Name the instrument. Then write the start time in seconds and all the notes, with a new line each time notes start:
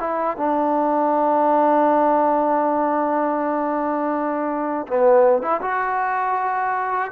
trombone
0.00 E4
0.37 D4
4.88 B3
5.42 E4
5.62 F#4